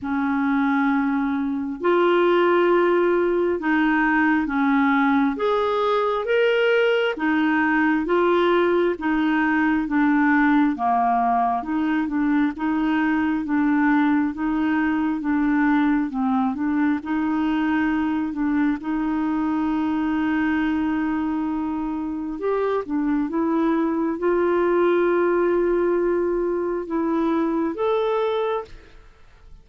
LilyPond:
\new Staff \with { instrumentName = "clarinet" } { \time 4/4 \tempo 4 = 67 cis'2 f'2 | dis'4 cis'4 gis'4 ais'4 | dis'4 f'4 dis'4 d'4 | ais4 dis'8 d'8 dis'4 d'4 |
dis'4 d'4 c'8 d'8 dis'4~ | dis'8 d'8 dis'2.~ | dis'4 g'8 d'8 e'4 f'4~ | f'2 e'4 a'4 | }